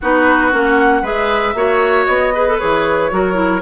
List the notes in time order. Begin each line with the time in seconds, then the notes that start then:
0.01 B3 D#4 F#4 B4
0.52 A#3 C#4 F#5
1.02 G#3 G#4 B4 E5
1.54 A#3 F#4 C#5
2.05 B3 D#5
2.33 G#4 B4
2.48 A4
2.59 E3 G#4 C#5
3.11 F#3 F#4 A#4
3.33 E4